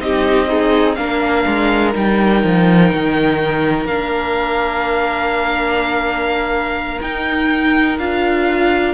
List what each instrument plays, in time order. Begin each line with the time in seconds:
0.00 cello C4, viola D#4, violin G4 D#5
0.48 violin D#4, viola G#4
0.95 cello A#3, viola D4, violin A#4 F5
1.46 cello G#3
1.93 cello G3, viola D#4, violin G5
2.44 cello F3
2.92 cello D#3
3.85 cello A#3, viola D4, violin F5
7.01 cello D#4, viola D#4, violin G5
7.98 cello D4, viola F4, violin F5